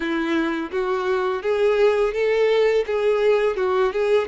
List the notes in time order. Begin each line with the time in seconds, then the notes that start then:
0.00 E4
0.71 F#4
1.42 G#4
2.13 A4
2.86 G#4
3.56 F#4
3.92 G#4